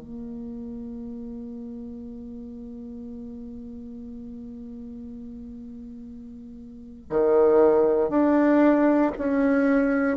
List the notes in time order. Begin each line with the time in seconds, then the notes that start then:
0.00 A#3
7.10 D#3
8.10 D4
9.18 C#4